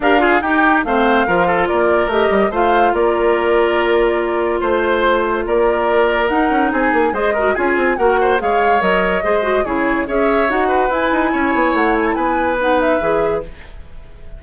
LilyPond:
<<
  \new Staff \with { instrumentName = "flute" } { \time 4/4 \tempo 4 = 143 f''4 g''4 f''2 | d''4 dis''4 f''4 d''4~ | d''2. c''4~ | c''4 d''2 fis''4 |
gis''4 dis''4 gis''4 fis''4 | f''4 dis''2 cis''4 | e''4 fis''4 gis''2 | fis''8 gis''16 a''16 gis''4 fis''8 e''4. | }
  \new Staff \with { instrumentName = "oboe" } { \time 4/4 ais'8 gis'8 g'4 c''4 ais'8 a'8 | ais'2 c''4 ais'4~ | ais'2. c''4~ | c''4 ais'2. |
gis'4 c''8 ais'8 gis'4 ais'8 c''8 | cis''2 c''4 gis'4 | cis''4. b'4. cis''4~ | cis''4 b'2. | }
  \new Staff \with { instrumentName = "clarinet" } { \time 4/4 g'8 f'8 dis'4 c'4 f'4~ | f'4 g'4 f'2~ | f'1~ | f'2. dis'4~ |
dis'4 gis'8 fis'8 f'4 fis'4 | gis'4 ais'4 gis'8 fis'8 e'4 | gis'4 fis'4 e'2~ | e'2 dis'4 gis'4 | }
  \new Staff \with { instrumentName = "bassoon" } { \time 4/4 d'4 dis'4 a4 f4 | ais4 a8 g8 a4 ais4~ | ais2. a4~ | a4 ais2 dis'8 cis'8 |
c'8 ais8 gis4 cis'8 c'8 ais4 | gis4 fis4 gis4 cis4 | cis'4 dis'4 e'8 dis'8 cis'8 b8 | a4 b2 e4 | }
>>